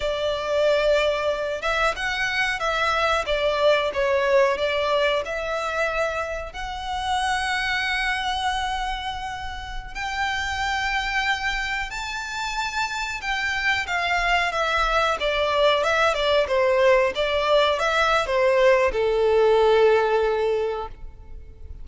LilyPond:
\new Staff \with { instrumentName = "violin" } { \time 4/4 \tempo 4 = 92 d''2~ d''8 e''8 fis''4 | e''4 d''4 cis''4 d''4 | e''2 fis''2~ | fis''2.~ fis''16 g''8.~ |
g''2~ g''16 a''4.~ a''16~ | a''16 g''4 f''4 e''4 d''8.~ | d''16 e''8 d''8 c''4 d''4 e''8. | c''4 a'2. | }